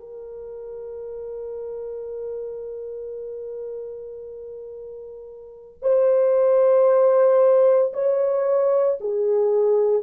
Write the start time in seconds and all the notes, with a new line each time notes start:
0.00 A#4
5.83 C5
7.94 C#5
9.01 G#4